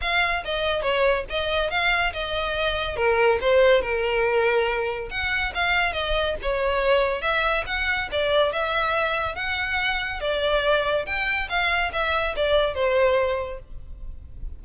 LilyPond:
\new Staff \with { instrumentName = "violin" } { \time 4/4 \tempo 4 = 141 f''4 dis''4 cis''4 dis''4 | f''4 dis''2 ais'4 | c''4 ais'2. | fis''4 f''4 dis''4 cis''4~ |
cis''4 e''4 fis''4 d''4 | e''2 fis''2 | d''2 g''4 f''4 | e''4 d''4 c''2 | }